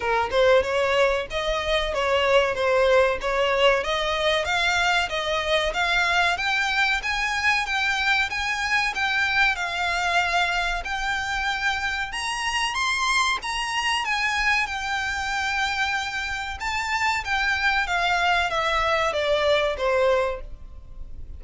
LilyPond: \new Staff \with { instrumentName = "violin" } { \time 4/4 \tempo 4 = 94 ais'8 c''8 cis''4 dis''4 cis''4 | c''4 cis''4 dis''4 f''4 | dis''4 f''4 g''4 gis''4 | g''4 gis''4 g''4 f''4~ |
f''4 g''2 ais''4 | c'''4 ais''4 gis''4 g''4~ | g''2 a''4 g''4 | f''4 e''4 d''4 c''4 | }